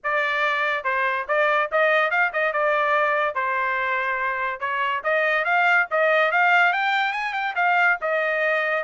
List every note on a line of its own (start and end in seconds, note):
0.03 0.84 D5
0.84 1.26 C5
1.28 1.70 D5
1.71 2.10 D#5
2.10 2.31 F5
2.32 2.52 D#5
2.52 3.35 D5
3.35 4.60 C5
4.60 5.02 C#5
5.03 5.44 D#5
5.44 5.86 F5
5.90 6.31 D#5
6.31 6.72 F5
6.72 7.12 G5
7.12 7.33 G#5
7.33 7.54 G5
7.55 7.97 F5
8.01 8.83 D#5